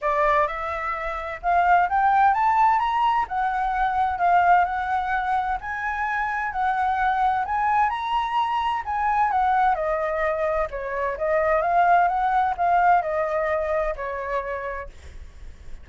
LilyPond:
\new Staff \with { instrumentName = "flute" } { \time 4/4 \tempo 4 = 129 d''4 e''2 f''4 | g''4 a''4 ais''4 fis''4~ | fis''4 f''4 fis''2 | gis''2 fis''2 |
gis''4 ais''2 gis''4 | fis''4 dis''2 cis''4 | dis''4 f''4 fis''4 f''4 | dis''2 cis''2 | }